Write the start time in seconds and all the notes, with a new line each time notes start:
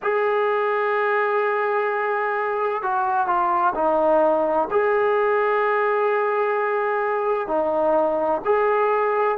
0.02 G#4
2.82 F#4
3.26 F4
3.74 D#4
4.70 G#4
7.47 D#4
8.44 G#4